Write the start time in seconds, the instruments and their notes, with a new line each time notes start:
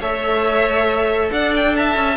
0.00 cello A3, viola A4, violin C#5 E5
1.32 cello D4, violin D5 F#5
1.56 violin G5
1.76 violin E5 A5
1.96 cello C#4